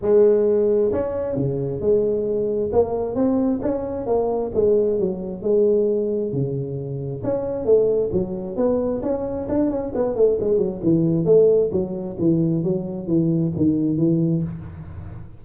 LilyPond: \new Staff \with { instrumentName = "tuba" } { \time 4/4 \tempo 4 = 133 gis2 cis'4 cis4 | gis2 ais4 c'4 | cis'4 ais4 gis4 fis4 | gis2 cis2 |
cis'4 a4 fis4 b4 | cis'4 d'8 cis'8 b8 a8 gis8 fis8 | e4 a4 fis4 e4 | fis4 e4 dis4 e4 | }